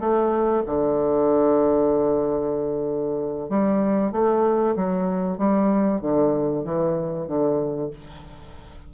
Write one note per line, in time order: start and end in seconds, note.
0.00 0.63 A3
0.67 3.50 D3
3.50 4.12 G3
4.12 4.75 A3
4.76 5.38 F#3
5.38 6.01 G3
6.01 6.64 D3
6.65 7.27 E3
7.27 7.91 D3